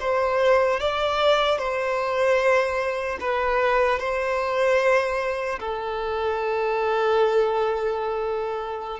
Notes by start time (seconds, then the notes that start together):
0.00 C5
0.80 D5
1.58 C5
3.20 B4
3.99 C5
5.60 A4